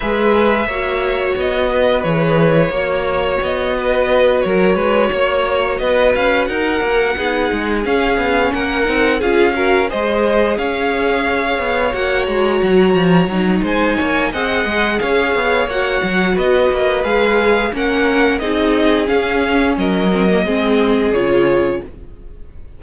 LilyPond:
<<
  \new Staff \with { instrumentName = "violin" } { \time 4/4 \tempo 4 = 88 e''2 dis''4 cis''4~ | cis''4 dis''4. cis''4.~ | cis''8 dis''8 f''8 fis''2 f''8~ | f''8 fis''4 f''4 dis''4 f''8~ |
f''4. fis''8 ais''2 | gis''4 fis''4 f''4 fis''4 | dis''4 f''4 fis''4 dis''4 | f''4 dis''2 cis''4 | }
  \new Staff \with { instrumentName = "violin" } { \time 4/4 b'4 cis''4. b'4. | cis''4. b'4 ais'8 b'8 cis''8~ | cis''8 b'4 ais'4 gis'4.~ | gis'8 ais'4 gis'8 ais'8 c''4 cis''8~ |
cis''1 | c''8 cis''8 dis''4 cis''2 | b'2 ais'4 gis'4~ | gis'4 ais'4 gis'2 | }
  \new Staff \with { instrumentName = "viola" } { \time 4/4 gis'4 fis'2 gis'4 | fis'1~ | fis'2~ fis'8 dis'4 cis'8~ | cis'4 dis'8 f'8 fis'8 gis'4.~ |
gis'4. fis'2 dis'8~ | dis'4 gis'2 fis'4~ | fis'4 gis'4 cis'4 dis'4 | cis'4. c'16 ais16 c'4 f'4 | }
  \new Staff \with { instrumentName = "cello" } { \time 4/4 gis4 ais4 b4 e4 | ais4 b4. fis8 gis8 ais8~ | ais8 b8 cis'8 dis'8 ais8 b8 gis8 cis'8 | b8 ais8 c'8 cis'4 gis4 cis'8~ |
cis'4 b8 ais8 gis8 fis8 f8 fis8 | gis8 ais8 c'8 gis8 cis'8 b8 ais8 fis8 | b8 ais8 gis4 ais4 c'4 | cis'4 fis4 gis4 cis4 | }
>>